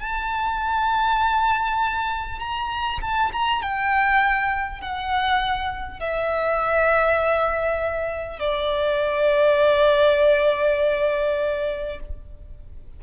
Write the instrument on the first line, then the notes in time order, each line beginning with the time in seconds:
violin
0.00 A5
2.39 A#5
3.02 A5
3.33 A#5
3.62 G5
4.81 F#5
6.00 E5
8.39 D5